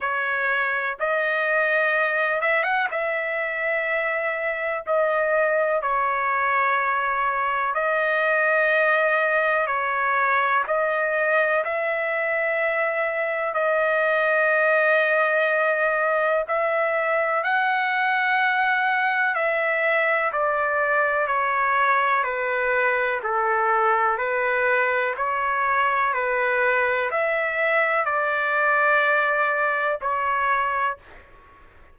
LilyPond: \new Staff \with { instrumentName = "trumpet" } { \time 4/4 \tempo 4 = 62 cis''4 dis''4. e''16 fis''16 e''4~ | e''4 dis''4 cis''2 | dis''2 cis''4 dis''4 | e''2 dis''2~ |
dis''4 e''4 fis''2 | e''4 d''4 cis''4 b'4 | a'4 b'4 cis''4 b'4 | e''4 d''2 cis''4 | }